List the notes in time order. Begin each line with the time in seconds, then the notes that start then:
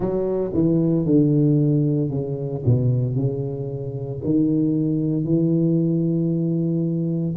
0.00 F#3
0.53 E3
1.05 D3
2.10 C#3
2.65 B2
3.15 C#3
4.24 D#3
5.24 E3